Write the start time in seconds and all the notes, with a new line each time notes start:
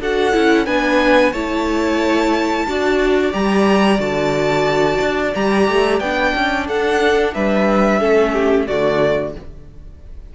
0.00 D4 F#4 A4 F#5
0.33 C#4 E4
0.66 B3 D4 B4 G#5
1.32 A3 E4 C#5 A5
2.67 D4 F#4 D5
3.31 G3 G4 A#5
3.98 D3 F#4 A5
5.01 D4
5.34 G3 G4 A#5
5.68 A3
6.00 B3 D4 G5
6.35 C#4
6.67 D4 A4 F#5
7.34 G3 B4 E5
8.00 A3 C#4 A4
8.33 G4
8.67 D3 A3 F#4 D5